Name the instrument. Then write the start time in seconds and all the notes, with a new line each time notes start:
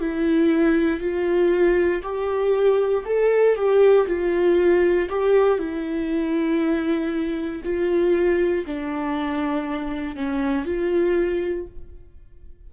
viola
0.00 E4
1.01 F4
2.03 G4
3.06 A4
3.56 G4
4.07 F4
5.10 G4
5.59 E4
7.64 F4
8.66 D4
10.16 C#4
10.65 F4